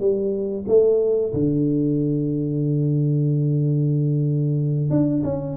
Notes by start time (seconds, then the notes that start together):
0.00 G3
0.68 A3
1.34 D3
4.90 D4
5.24 C#4